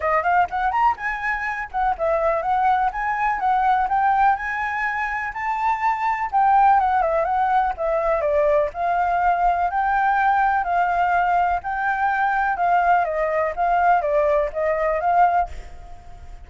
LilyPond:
\new Staff \with { instrumentName = "flute" } { \time 4/4 \tempo 4 = 124 dis''8 f''8 fis''8 ais''8 gis''4. fis''8 | e''4 fis''4 gis''4 fis''4 | g''4 gis''2 a''4~ | a''4 g''4 fis''8 e''8 fis''4 |
e''4 d''4 f''2 | g''2 f''2 | g''2 f''4 dis''4 | f''4 d''4 dis''4 f''4 | }